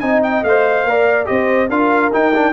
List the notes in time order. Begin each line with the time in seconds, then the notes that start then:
0.00 C4 D#4 D#5 G#5
0.23 G5
0.44 A3 C5 F5
0.84 A#3 A#4 D5
1.26 C4 G4 C5 D#5
1.69 D4 F4 A#4 F5
2.12 D#4 G5
2.35 D4